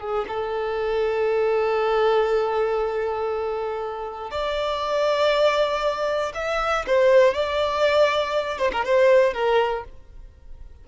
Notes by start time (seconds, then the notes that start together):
0.00 G#4
0.28 A4
4.31 D5
6.35 E5
6.87 C5
7.34 D5
8.59 C5
8.72 A#4
8.85 C5
9.34 A#4